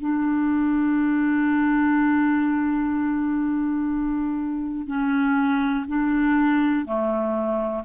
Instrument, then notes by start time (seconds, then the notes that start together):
clarinet
0.00 D4
4.86 C#4
5.87 D4
6.85 A3